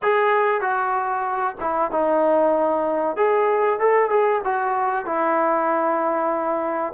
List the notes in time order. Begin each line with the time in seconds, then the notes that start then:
0.02 G#4
0.61 F#4
1.60 E4
1.91 D#4
3.16 G#4
3.79 A4
4.10 G#4
4.44 F#4
5.05 E4